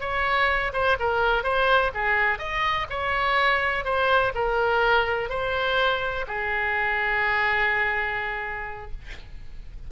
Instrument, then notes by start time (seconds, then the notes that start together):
oboe
0.00 C#5
0.73 C5
0.99 A#4
1.43 C5
1.94 G#4
2.39 D#5
2.90 C#5
3.84 C5
4.34 A#4
5.29 C5
6.27 G#4